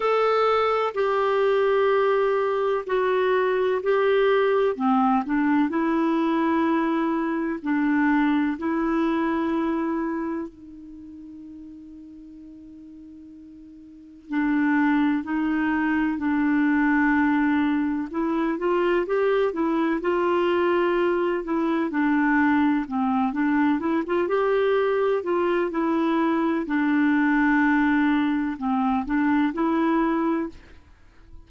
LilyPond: \new Staff \with { instrumentName = "clarinet" } { \time 4/4 \tempo 4 = 63 a'4 g'2 fis'4 | g'4 c'8 d'8 e'2 | d'4 e'2 dis'4~ | dis'2. d'4 |
dis'4 d'2 e'8 f'8 | g'8 e'8 f'4. e'8 d'4 | c'8 d'8 e'16 f'16 g'4 f'8 e'4 | d'2 c'8 d'8 e'4 | }